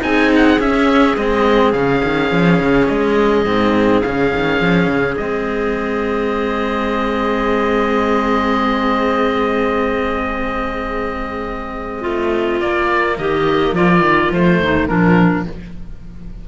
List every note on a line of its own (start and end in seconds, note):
0.00 0.60 C4
0.00 0.57 D#4
0.00 12.01 G#4
0.00 0.31 G#5
0.36 0.60 F#5
0.59 1.16 C#4
0.59 1.17 C#4
0.59 1.16 E5
1.16 1.73 G#3
1.16 1.74 C4
1.16 1.72 D#5
1.72 2.01 C#3
1.72 3.46 C#4
1.72 2.86 F5
2.04 2.31 D#3
2.31 2.60 F3
2.60 2.88 C#3
2.87 3.45 G#3
2.87 4.01 D#5
3.45 4.02 G#2
3.45 4.03 C4
4.01 4.34 C#3
4.01 5.19 C#4
4.01 5.15 F5
4.35 4.61 D#3
4.61 4.87 F3
4.87 5.15 C#3
5.17 12.04 G#3
5.17 12.61 C4
5.17 12.60 D#5
12.01 12.60 A3
12.01 13.16 F4
12.60 13.17 A#3
12.60 14.33 A#3
12.60 13.17 D5
13.18 13.73 D#3
13.18 13.75 G4
13.18 13.75 D#5
13.73 14.00 F3
13.73 14.61 F4
13.73 14.32 D5
14.00 14.28 D#3
14.31 14.60 F3
14.31 14.89 A3
14.31 14.87 C5
14.61 14.89 D#2
14.61 14.88 D#4
14.87 15.48 A#2
14.87 15.46 F3
14.87 15.45 D4
14.87 15.45 A#4